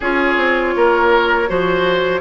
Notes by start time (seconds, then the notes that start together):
0.00 C#4 F4 G#4 C#5
0.36 C4
0.75 A#3 A#4
1.47 F3 F#4 C5